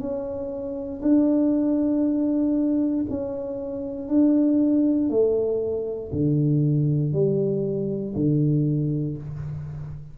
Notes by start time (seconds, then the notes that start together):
0.00 C#4
1.02 D4
3.10 C#4
4.09 D4
5.10 A3
6.12 D3
7.13 G3
8.16 D3